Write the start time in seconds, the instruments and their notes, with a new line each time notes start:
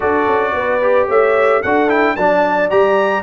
0.00 tuba D4, trombone F#4, horn A4, trumpet D5
0.27 tuba C#4
0.52 tuba B3, horn B4
0.81 trombone G4
1.07 tuba A3, horn C#5, trumpet E5
1.62 tuba D4, trombone F#4, horn A4, trumpet F#5
1.88 trombone E4, trumpet G5
2.16 tuba F#3, trombone D4, horn D5, trumpet A5
2.70 tuba G3, trombone G4, trumpet A#5